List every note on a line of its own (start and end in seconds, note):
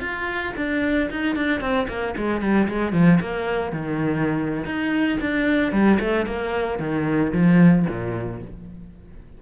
0.00 0.53 F4
0.56 1.09 D4
1.10 1.35 D#4
1.35 1.60 D4
1.60 1.87 C4
1.88 2.14 A#3
2.16 2.41 G#3
2.41 2.67 G3
2.68 2.93 G#3
2.93 3.19 F3
3.20 3.72 A#3
3.72 4.65 D#3
4.65 5.18 D#4
5.20 5.72 D4
5.72 5.98 G3
6.00 6.26 A3
6.26 6.79 A#3
6.79 7.32 D#3
7.33 7.86 F3
7.88 8.41 A#2